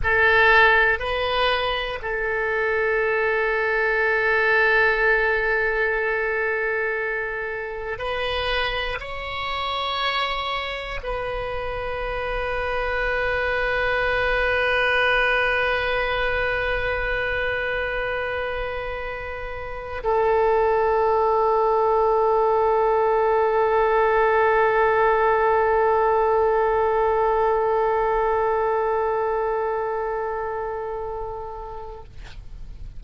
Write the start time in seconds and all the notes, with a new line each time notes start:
0.03 A4
0.99 B4
2.01 A4
7.98 B4
9.00 C#5
11.03 B4
20.03 A4